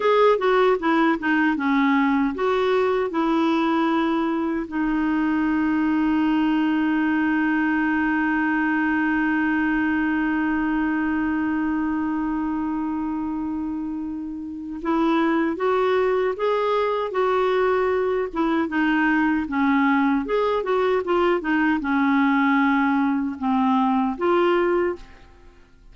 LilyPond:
\new Staff \with { instrumentName = "clarinet" } { \time 4/4 \tempo 4 = 77 gis'8 fis'8 e'8 dis'8 cis'4 fis'4 | e'2 dis'2~ | dis'1~ | dis'1~ |
dis'2. e'4 | fis'4 gis'4 fis'4. e'8 | dis'4 cis'4 gis'8 fis'8 f'8 dis'8 | cis'2 c'4 f'4 | }